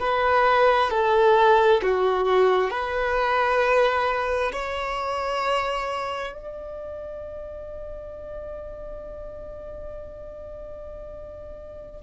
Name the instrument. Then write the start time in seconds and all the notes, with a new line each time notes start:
violin
0.00 B4
0.91 A4
1.83 F#4
2.70 B4
4.52 C#5
6.33 D5